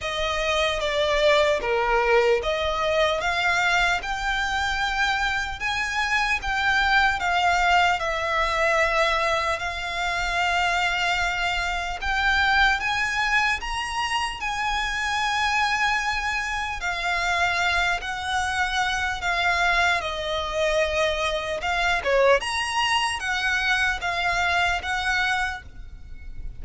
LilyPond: \new Staff \with { instrumentName = "violin" } { \time 4/4 \tempo 4 = 75 dis''4 d''4 ais'4 dis''4 | f''4 g''2 gis''4 | g''4 f''4 e''2 | f''2. g''4 |
gis''4 ais''4 gis''2~ | gis''4 f''4. fis''4. | f''4 dis''2 f''8 cis''8 | ais''4 fis''4 f''4 fis''4 | }